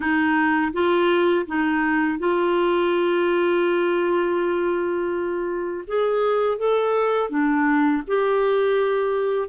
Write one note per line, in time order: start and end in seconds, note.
0.00 0.72 D#4
0.73 1.46 F4
1.46 2.18 D#4
2.18 5.84 F4
5.87 6.58 G#4
6.58 7.29 A4
7.29 8.02 D4
8.07 9.48 G4